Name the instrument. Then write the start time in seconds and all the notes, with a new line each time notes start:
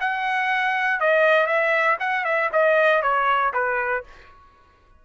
trumpet
0.00 F#5
1.00 D#5
1.46 E5
2.00 F#5
2.25 E5
2.52 D#5
3.02 C#5
3.53 B4